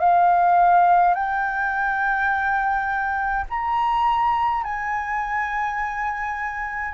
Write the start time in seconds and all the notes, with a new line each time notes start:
0.00 F5
1.15 G5
3.50 A#5
4.64 G#5